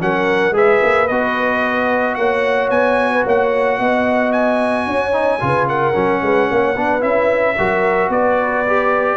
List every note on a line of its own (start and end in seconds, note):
0.00 0.51 F#3
0.00 0.53 C#4
0.00 0.55 A#4
0.00 0.56 F#5
0.51 0.78 G#3
0.51 1.07 G#4
0.51 2.18 B4
0.51 1.08 E5
0.83 1.10 A#3
1.08 2.17 B3
1.08 5.13 F#4
1.08 2.15 D#5
2.15 2.70 A#3
2.15 3.13 C#5
2.15 2.69 F#5
2.70 3.24 B3
2.70 3.25 G#5
3.13 3.25 B4
3.25 3.79 A#3
3.25 3.79 C#5
3.25 4.33 F#5
3.79 4.87 B3
3.79 4.87 D#5
4.33 5.68 G#5
4.87 5.41 C#4
4.87 5.41 C#5
5.13 5.40 D#4
5.41 5.95 C#3
5.41 5.94 F4
5.41 5.69 B4
5.69 6.23 A#4
5.69 7.03 F#5
5.94 6.22 F#3
5.94 6.75 C#4
6.22 6.49 G#3
6.22 6.50 B4
6.51 6.77 A#3
6.51 6.75 C#5
6.75 7.03 B3
6.75 7.01 D4
6.75 7.56 B4
7.01 7.57 C#4
7.01 7.55 E4
7.01 8.11 E5
7.58 8.09 F#3
7.58 8.67 F#4
7.58 8.12 A#4
8.09 9.17 B3
8.09 9.17 B4
8.09 9.17 D5
8.67 9.17 G4